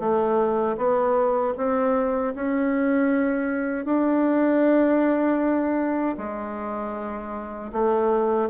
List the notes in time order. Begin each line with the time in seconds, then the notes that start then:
0.00 A3
0.78 B3
1.57 C4
2.36 C#4
3.86 D4
6.18 G#3
7.73 A3